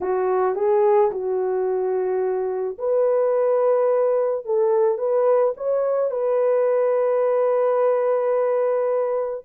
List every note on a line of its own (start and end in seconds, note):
0.01 0.55 F#4
0.55 1.10 G#4
1.11 2.77 F#4
2.78 4.45 B4
4.45 4.97 A4
4.97 5.53 B4
5.56 6.11 C#5
6.11 9.44 B4